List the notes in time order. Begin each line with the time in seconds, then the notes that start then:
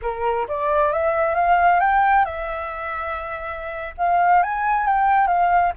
0.02 A#4
0.48 D5
0.92 E5
1.34 F5
1.80 G5
2.25 E5
3.97 F5
4.43 G#5
4.86 G5
5.27 F5